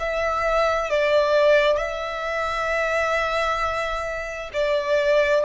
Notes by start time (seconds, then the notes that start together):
0.00 E5
0.90 D5
1.78 E5
4.54 D5